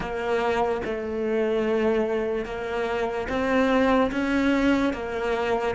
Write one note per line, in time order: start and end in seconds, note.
0.00 0.81 A#3
0.84 2.45 A3
2.45 3.27 A#3
3.28 4.11 C4
4.11 4.93 C#4
4.93 5.75 A#3